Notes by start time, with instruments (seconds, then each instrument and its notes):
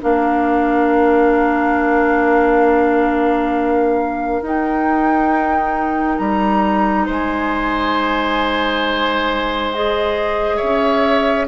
0.00 bassoon A#3, clarinet D4, oboe A#4, flute F5
4.41 bassoon D#4, clarinet D#4, flute G5
6.17 bassoon G3, flute A#5
7.05 bassoon G#3, oboe C5, flute G#5
9.73 clarinet G#4, flute D#5
10.56 bassoon C#4, oboe C#5, flute E5